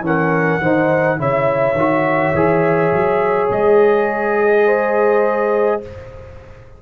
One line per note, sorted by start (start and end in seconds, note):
0.00 0.58 E3
0.00 0.60 C#4
0.00 0.62 A#4
0.00 1.20 F#5
0.61 1.18 D#3
0.61 1.17 D#4
0.61 1.19 C5
1.17 1.73 C#3
1.17 1.75 E4
1.17 4.65 C#5
1.17 3.51 E5
1.73 2.31 D#3
1.73 2.35 F#4
2.33 2.91 E3
2.33 5.81 G#4
2.92 3.49 F#3
3.50 5.81 G#3
3.50 5.82 D#5
4.65 5.80 C5